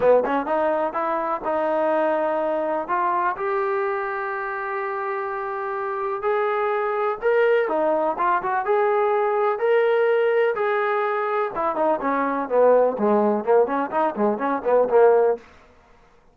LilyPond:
\new Staff \with { instrumentName = "trombone" } { \time 4/4 \tempo 4 = 125 b8 cis'8 dis'4 e'4 dis'4~ | dis'2 f'4 g'4~ | g'1~ | g'4 gis'2 ais'4 |
dis'4 f'8 fis'8 gis'2 | ais'2 gis'2 | e'8 dis'8 cis'4 b4 gis4 | ais8 cis'8 dis'8 gis8 cis'8 b8 ais4 | }